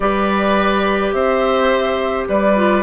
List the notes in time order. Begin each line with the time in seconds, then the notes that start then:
0.00 G3 G4 B4 D5
1.12 C4 C5 E5
2.28 G3 B4 D5
2.55 F4